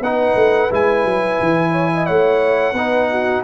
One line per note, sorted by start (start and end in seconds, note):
0.00 0.34 B3
0.00 0.70 D#4
0.00 1.71 B4
0.00 0.71 F#5
0.35 0.69 A3
0.70 1.04 G#3
0.70 2.74 E4
0.70 2.06 G#5
1.04 1.38 F#3
1.40 2.09 E3
1.71 1.88 C#5
1.93 2.06 D#5
2.06 2.73 A3
2.06 2.75 C#5
2.06 3.42 F#5
2.73 3.41 B3
2.73 3.43 D#4
2.73 3.09 B4
3.10 3.43 F#4